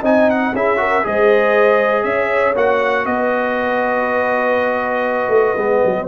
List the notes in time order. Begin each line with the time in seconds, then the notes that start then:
0.00 C4 D#4 D#5 G#5
0.30 F#5
0.54 C#4 E4 G#4 E5
0.76 F#4 A#4
1.03 G#3 G#4 C5 D#5
2.03 C#4 C#5 E5
2.55 A#3 F#4 F#5
3.05 B3 B4 D#5
5.28 A3
5.56 G#3 B3
5.85 F#3